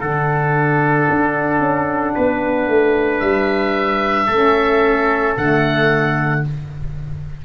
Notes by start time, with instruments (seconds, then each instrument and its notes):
0.00 tuba D3, saxophone D4, trumpet A4, oboe F#5
1.10 tuba D4
1.59 tuba C#4
2.15 tuba B3, trumpet B4
2.68 tuba A3
3.20 tuba G3, oboe E5
4.27 tuba A3, saxophone C#4, trumpet A4
5.37 tuba D3, saxophone A3, oboe F#5